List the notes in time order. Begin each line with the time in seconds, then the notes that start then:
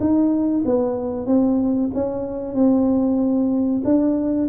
0.00 D#4
0.66 B3
1.27 C4
1.94 C#4
2.55 C4
3.85 D4